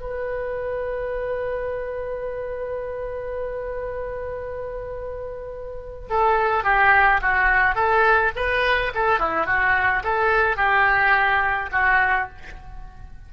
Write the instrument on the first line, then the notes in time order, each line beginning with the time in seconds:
oboe
0.00 B4
6.10 A4
6.64 G4
7.21 F#4
7.75 A4
8.36 B4
8.95 A4
9.19 E4
9.46 F#4
10.03 A4
10.57 G4
11.72 F#4